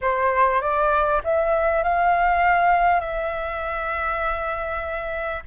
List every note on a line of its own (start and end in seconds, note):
0.01 0.61 C5
0.61 1.21 D5
1.24 1.83 E5
1.83 3.00 F5
3.00 5.42 E5